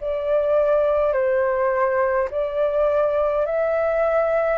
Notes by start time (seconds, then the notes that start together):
0.00 D5
1.13 C5
2.30 D5
3.46 E5